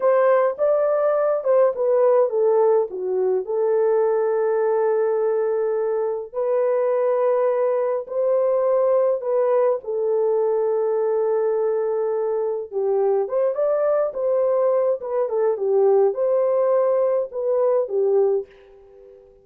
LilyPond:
\new Staff \with { instrumentName = "horn" } { \time 4/4 \tempo 4 = 104 c''4 d''4. c''8 b'4 | a'4 fis'4 a'2~ | a'2. b'4~ | b'2 c''2 |
b'4 a'2.~ | a'2 g'4 c''8 d''8~ | d''8 c''4. b'8 a'8 g'4 | c''2 b'4 g'4 | }